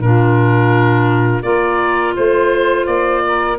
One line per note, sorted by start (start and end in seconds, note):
0.00 1.43 A#2
0.00 1.43 D4
0.00 1.44 F4
0.00 1.43 A#4
1.43 2.15 A#3
1.43 3.57 F4
1.43 2.16 A#4
1.43 2.14 D5
2.16 2.87 A3
2.16 2.86 C5
2.16 3.24 C5
2.86 3.59 A#3
2.86 3.58 D5
3.26 3.59 A#4